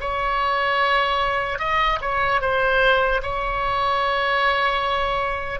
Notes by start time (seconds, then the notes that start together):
0.00 C#5
1.59 D#5
2.01 C#5
2.41 C5
3.22 C#5